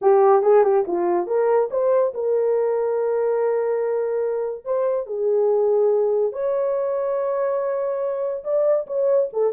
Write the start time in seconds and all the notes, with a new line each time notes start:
0.01 G4
0.42 G#4
0.63 G4
0.87 F4
1.26 A#4
1.71 C5
2.13 A#4
4.65 C5
5.06 G#4
6.32 C#5
8.44 D5
8.86 C#5
9.32 A4